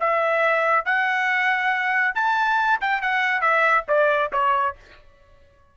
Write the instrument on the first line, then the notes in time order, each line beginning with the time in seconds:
trumpet
0.00 E5
0.85 F#5
2.15 A5
2.81 G5
3.02 F#5
3.41 E5
3.88 D5
4.33 C#5